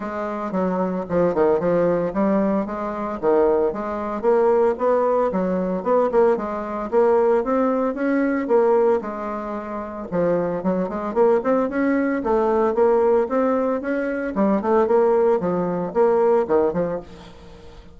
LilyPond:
\new Staff \with { instrumentName = "bassoon" } { \time 4/4 \tempo 4 = 113 gis4 fis4 f8 dis8 f4 | g4 gis4 dis4 gis4 | ais4 b4 fis4 b8 ais8 | gis4 ais4 c'4 cis'4 |
ais4 gis2 f4 | fis8 gis8 ais8 c'8 cis'4 a4 | ais4 c'4 cis'4 g8 a8 | ais4 f4 ais4 dis8 f8 | }